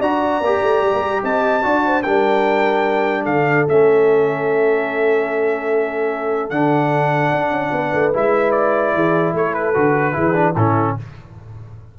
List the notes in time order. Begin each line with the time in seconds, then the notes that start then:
0.00 D4 F#4 D5 A#5
0.41 A#3 G4
0.61 A3
0.82 G3
0.93 A#3
1.00 G3
1.23 C4 D#5 A5
1.62 D4 F#4 D5
1.86 C5
2.03 G3 D4 A#4 G5
3.23 D3 A4 F5
3.68 A3 C#4 E5
6.49 D3 D4 F#5
7.31 D4
7.50 C#4
7.72 B3 B4
7.93 A3
8.13 G#3 E4 E5
8.51 D5
8.94 E3 G#4
9.33 A3 A4 C#5
9.54 B4
9.74 D3 F#4
10.13 E3 E4 G#4
10.33 D4
10.55 A2 C#4 E4 A4